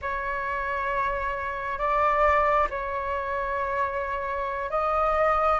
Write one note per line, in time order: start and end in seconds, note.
0.01 1.78 C#5
1.78 2.68 D5
2.69 4.70 C#5
4.70 5.59 D#5